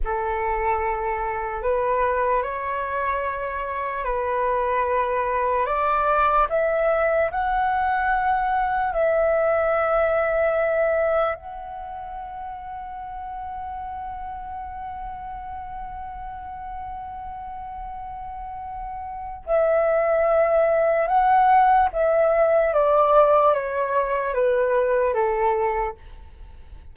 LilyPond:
\new Staff \with { instrumentName = "flute" } { \time 4/4 \tempo 4 = 74 a'2 b'4 cis''4~ | cis''4 b'2 d''4 | e''4 fis''2 e''4~ | e''2 fis''2~ |
fis''1~ | fis''1 | e''2 fis''4 e''4 | d''4 cis''4 b'4 a'4 | }